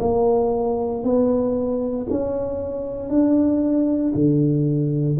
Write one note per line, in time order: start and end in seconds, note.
0.00 1.03 A#3
1.03 2.07 B3
2.10 3.09 C#4
3.09 4.13 D4
4.14 5.18 D3